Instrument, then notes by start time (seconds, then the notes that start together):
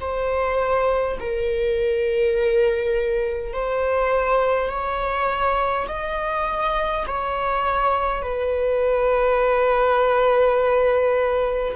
viola
0.00 C5
1.19 A#4
3.53 C5
4.69 C#5
5.88 D#5
7.07 C#5
8.22 B4